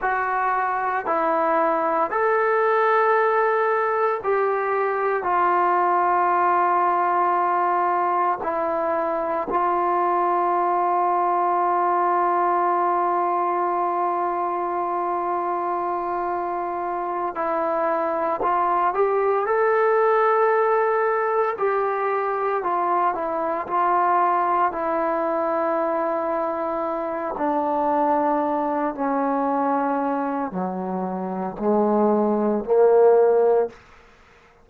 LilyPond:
\new Staff \with { instrumentName = "trombone" } { \time 4/4 \tempo 4 = 57 fis'4 e'4 a'2 | g'4 f'2. | e'4 f'2.~ | f'1~ |
f'8 e'4 f'8 g'8 a'4.~ | a'8 g'4 f'8 e'8 f'4 e'8~ | e'2 d'4. cis'8~ | cis'4 fis4 gis4 ais4 | }